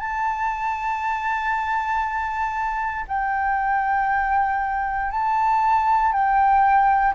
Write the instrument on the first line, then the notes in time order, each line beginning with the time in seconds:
flute
0.00 A5
3.08 G5
5.12 A5
6.12 G5